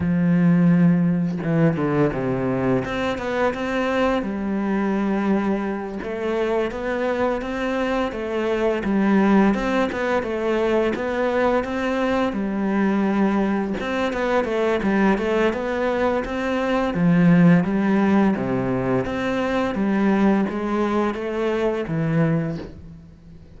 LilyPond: \new Staff \with { instrumentName = "cello" } { \time 4/4 \tempo 4 = 85 f2 e8 d8 c4 | c'8 b8 c'4 g2~ | g8 a4 b4 c'4 a8~ | a8 g4 c'8 b8 a4 b8~ |
b8 c'4 g2 c'8 | b8 a8 g8 a8 b4 c'4 | f4 g4 c4 c'4 | g4 gis4 a4 e4 | }